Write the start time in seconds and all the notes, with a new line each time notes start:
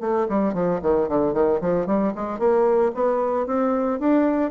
0.00 A3
0.29 G3
0.53 F3
0.82 D#3
1.08 D3
1.33 D#3
1.60 F3
1.86 G3
2.15 G#3
2.38 A#3
2.94 B3
3.46 C4
3.99 D4